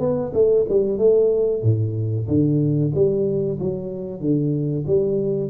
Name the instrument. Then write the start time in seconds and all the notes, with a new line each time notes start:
tuba
0.00 B3
0.34 A3
0.70 G3
0.99 A3
1.63 A2
2.28 D3
2.94 G3
3.60 F#3
4.21 D3
4.87 G3